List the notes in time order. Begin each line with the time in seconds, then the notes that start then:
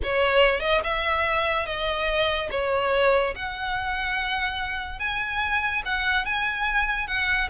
0.03 C#5
0.60 D#5
0.83 E5
1.66 D#5
2.51 C#5
3.35 F#5
4.99 G#5
5.85 F#5
6.25 G#5
7.07 F#5